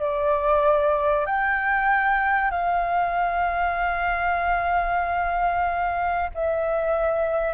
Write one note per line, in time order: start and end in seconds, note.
0.00 1.26 D5
1.26 2.51 G5
2.51 6.30 F5
6.35 7.54 E5